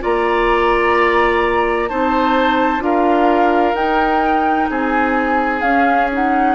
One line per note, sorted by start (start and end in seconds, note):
0.00 1.91 A#3
0.00 1.88 F4
0.00 1.89 D5
0.00 1.88 A#5
1.88 2.79 C4
1.88 2.79 D#4
1.88 2.83 C5
1.88 2.82 A5
2.79 3.73 D4
2.79 3.73 F4
2.79 4.69 A#4
2.79 3.75 F5
3.74 4.67 D#4
3.74 5.63 D#4
3.74 4.68 G5
4.69 5.61 C4
4.69 6.55 G#4
4.69 5.61 G#5
5.61 6.55 C#4
5.61 6.10 C#4
5.61 6.07 F5
6.11 6.55 D#4
6.11 6.55 F#5